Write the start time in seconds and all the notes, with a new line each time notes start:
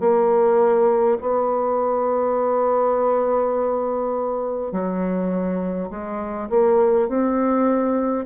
0.00 A#3
1.21 B3
4.72 F#3
5.90 G#3
6.50 A#3
7.09 C4